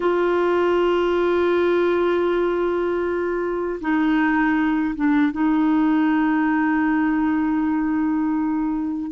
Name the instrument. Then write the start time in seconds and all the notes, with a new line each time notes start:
clarinet
0.00 F4
3.80 D#4
4.95 D4
5.32 D#4